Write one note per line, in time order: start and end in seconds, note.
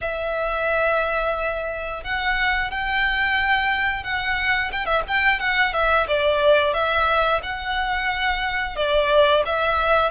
0.01 2.03 E5
2.03 2.70 F#5
2.70 4.03 G5
4.03 4.71 F#5
4.72 4.85 G5
4.85 5.02 E5
5.07 5.39 G5
5.39 5.73 F#5
5.73 6.06 E5
6.07 6.73 D5
6.73 7.41 E5
7.42 8.76 F#5
8.76 9.43 D5
9.45 10.10 E5